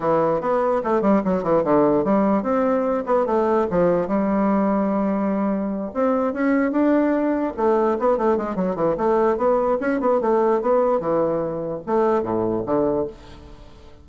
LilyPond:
\new Staff \with { instrumentName = "bassoon" } { \time 4/4 \tempo 4 = 147 e4 b4 a8 g8 fis8 e8 | d4 g4 c'4. b8 | a4 f4 g2~ | g2~ g8 c'4 cis'8~ |
cis'8 d'2 a4 b8 | a8 gis8 fis8 e8 a4 b4 | cis'8 b8 a4 b4 e4~ | e4 a4 a,4 d4 | }